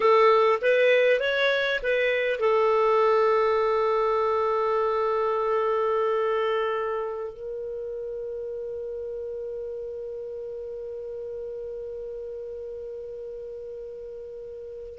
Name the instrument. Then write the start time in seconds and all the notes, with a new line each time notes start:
clarinet
0.00 A4
0.61 B4
1.19 C#5
1.82 B4
2.39 A4
7.33 A#4